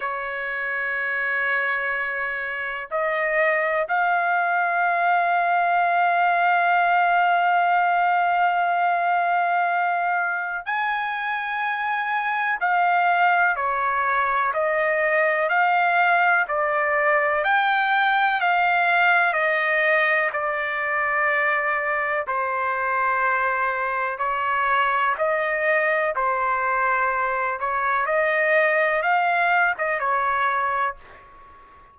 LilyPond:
\new Staff \with { instrumentName = "trumpet" } { \time 4/4 \tempo 4 = 62 cis''2. dis''4 | f''1~ | f''2. gis''4~ | gis''4 f''4 cis''4 dis''4 |
f''4 d''4 g''4 f''4 | dis''4 d''2 c''4~ | c''4 cis''4 dis''4 c''4~ | c''8 cis''8 dis''4 f''8. dis''16 cis''4 | }